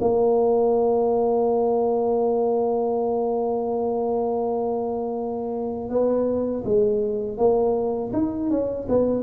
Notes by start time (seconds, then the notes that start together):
0.00 A#3
5.89 B3
6.64 G#3
7.37 A#3
8.12 D#4
8.50 C#4
8.88 B3